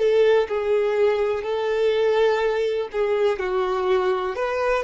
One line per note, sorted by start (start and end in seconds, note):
0.00 0.48 A4
0.49 1.44 G#4
1.44 2.89 A4
2.93 3.40 G#4
3.40 4.36 F#4
4.36 4.84 B4